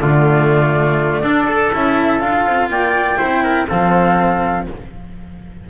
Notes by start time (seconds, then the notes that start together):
0.00 D3 A3 F4 D5
1.23 D4 A4
1.48 A4
1.73 C#4 E4 E5
2.20 D4 F4 F5
2.46 C4
2.69 A#3 D5 G5
3.17 C4 E4 C5
3.44 A#4
3.68 F3 C4 A4 F5